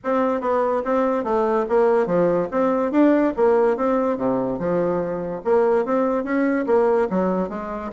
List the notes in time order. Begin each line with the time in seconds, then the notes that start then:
0.04 C4
0.40 B3
0.84 C4
1.23 A3
1.68 A#3
2.06 F3
2.51 C4
2.91 D4
3.36 A#3
3.76 C4
4.17 C3
4.58 F3
5.44 A#3
5.85 C4
6.23 C#4
6.66 A#3
7.10 F#3
7.49 G#3